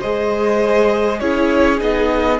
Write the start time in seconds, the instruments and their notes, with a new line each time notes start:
0.00 cello G#3, viola G#4, violin C5 D#5
1.20 cello C#4, viola E4, violin G#4 C#5
1.79 cello B3, viola D#4, violin D#5